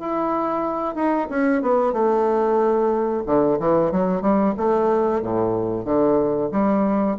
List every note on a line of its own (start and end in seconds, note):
0.00 0.95 E4
0.95 1.28 D#4
1.30 1.62 C#4
1.62 1.93 B3
1.93 3.24 A3
3.26 3.59 D3
3.59 3.92 E3
3.92 4.22 F#3
4.22 4.54 G3
4.58 5.23 A3
5.23 5.85 A2
5.85 6.50 D3
6.52 7.17 G3